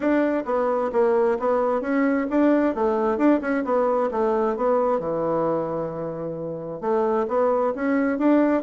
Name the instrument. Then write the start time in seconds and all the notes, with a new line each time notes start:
bassoon
0.00 D4
0.45 B3
0.92 A#3
1.39 B3
1.81 C#4
2.30 D4
2.75 A3
3.17 D4
3.41 C#4
3.64 B3
4.11 A3
4.56 B3
4.99 E3
6.81 A3
7.28 B3
7.75 C#4
8.18 D4